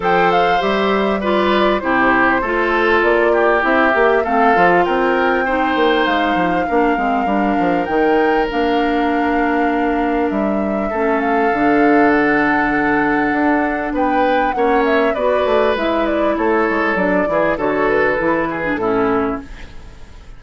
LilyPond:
<<
  \new Staff \with { instrumentName = "flute" } { \time 4/4 \tempo 4 = 99 g''8 f''8 e''4 d''4 c''4~ | c''4 d''4 e''4 f''4 | g''2 f''2~ | f''4 g''4 f''2~ |
f''4 e''4. f''4. | fis''2. g''4 | fis''8 e''8 d''4 e''8 d''8 cis''4 | d''4 cis''8 b'4. a'4 | }
  \new Staff \with { instrumentName = "oboe" } { \time 4/4 c''2 b'4 g'4 | a'4. g'4. a'4 | ais'4 c''2 ais'4~ | ais'1~ |
ais'2 a'2~ | a'2. b'4 | cis''4 b'2 a'4~ | a'8 gis'8 a'4. gis'8 e'4 | }
  \new Staff \with { instrumentName = "clarinet" } { \time 4/4 a'4 g'4 f'4 e'4 | f'2 e'8 g'8 c'8 f'8~ | f'4 dis'2 d'8 c'8 | d'4 dis'4 d'2~ |
d'2 cis'4 d'4~ | d'1 | cis'4 fis'4 e'2 | d'8 e'8 fis'4 e'8. d'16 cis'4 | }
  \new Staff \with { instrumentName = "bassoon" } { \time 4/4 f4 g2 c4 | a4 ais4 c'8 ais8 a8 f8 | c'4. ais8 gis8 f8 ais8 gis8 | g8 f8 dis4 ais2~ |
ais4 g4 a4 d4~ | d2 d'4 b4 | ais4 b8 a8 gis4 a8 gis8 | fis8 e8 d4 e4 a,4 | }
>>